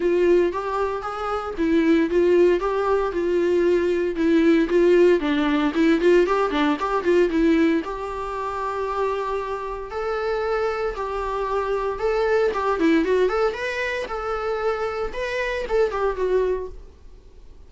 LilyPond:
\new Staff \with { instrumentName = "viola" } { \time 4/4 \tempo 4 = 115 f'4 g'4 gis'4 e'4 | f'4 g'4 f'2 | e'4 f'4 d'4 e'8 f'8 | g'8 d'8 g'8 f'8 e'4 g'4~ |
g'2. a'4~ | a'4 g'2 a'4 | g'8 e'8 fis'8 a'8 b'4 a'4~ | a'4 b'4 a'8 g'8 fis'4 | }